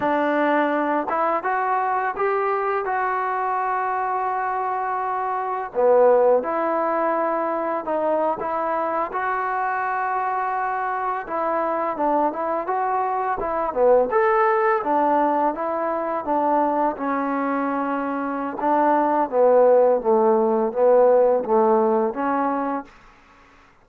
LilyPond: \new Staff \with { instrumentName = "trombone" } { \time 4/4 \tempo 4 = 84 d'4. e'8 fis'4 g'4 | fis'1 | b4 e'2 dis'8. e'16~ | e'8. fis'2. e'16~ |
e'8. d'8 e'8 fis'4 e'8 b8 a'16~ | a'8. d'4 e'4 d'4 cis'16~ | cis'2 d'4 b4 | a4 b4 a4 cis'4 | }